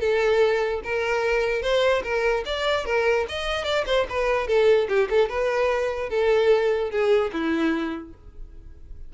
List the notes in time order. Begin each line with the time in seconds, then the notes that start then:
0.00 A4
0.84 A#4
1.62 C5
2.03 A#4
2.45 D5
2.86 A#4
3.29 D#5
3.64 D5
3.86 C5
4.09 B4
4.47 A4
4.88 G4
5.10 A4
5.29 B4
6.09 A4
6.90 G#4
7.32 E4